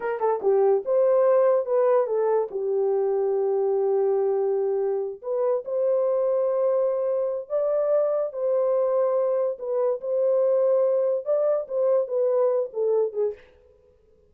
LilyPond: \new Staff \with { instrumentName = "horn" } { \time 4/4 \tempo 4 = 144 ais'8 a'8 g'4 c''2 | b'4 a'4 g'2~ | g'1~ | g'8 b'4 c''2~ c''8~ |
c''2 d''2 | c''2. b'4 | c''2. d''4 | c''4 b'4. a'4 gis'8 | }